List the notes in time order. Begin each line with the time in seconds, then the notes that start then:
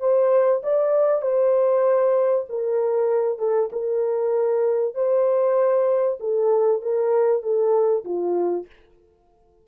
0.00 C5
0.63 D5
1.22 C5
2.49 A#4
3.39 A4
3.73 A#4
4.95 C5
6.20 A4
6.82 A#4
7.43 A4
8.05 F4